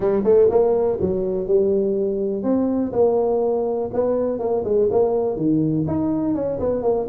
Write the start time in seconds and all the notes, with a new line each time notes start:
0.00 G3
0.24 A3
0.50 A#3
1.00 F#3
1.47 G3
2.43 C4
2.92 A#3
3.93 B3
4.39 A#3
4.64 G#3
4.90 A#3
5.36 D#3
5.87 D#4
6.34 C#4
6.59 B3
6.82 A#3